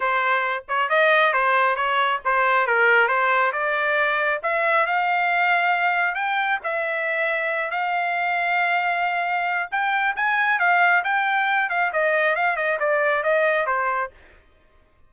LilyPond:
\new Staff \with { instrumentName = "trumpet" } { \time 4/4 \tempo 4 = 136 c''4. cis''8 dis''4 c''4 | cis''4 c''4 ais'4 c''4 | d''2 e''4 f''4~ | f''2 g''4 e''4~ |
e''4. f''2~ f''8~ | f''2 g''4 gis''4 | f''4 g''4. f''8 dis''4 | f''8 dis''8 d''4 dis''4 c''4 | }